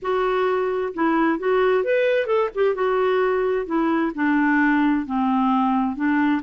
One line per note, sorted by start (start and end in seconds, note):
0.01 0.93 F#4
0.94 1.38 E4
1.38 1.84 F#4
1.84 2.26 B4
2.26 2.49 A4
2.54 2.74 G4
2.74 3.66 F#4
3.66 4.12 E4
4.15 5.06 D4
5.06 5.95 C4
5.95 6.41 D4